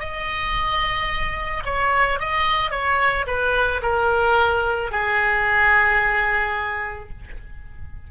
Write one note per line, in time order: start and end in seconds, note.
0.00 1.64 D#5
1.66 2.20 C#5
2.20 2.71 D#5
2.71 3.26 C#5
3.27 3.82 B4
3.82 4.91 A#4
4.91 7.10 G#4